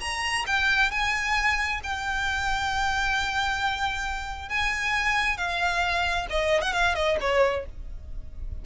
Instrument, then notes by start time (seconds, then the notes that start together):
violin
0.00 A#5
0.47 G5
0.91 G#5
1.83 G5
4.49 G#5
5.37 F5
6.30 D#5
6.61 F#5
6.73 F5
6.95 D#5
7.20 C#5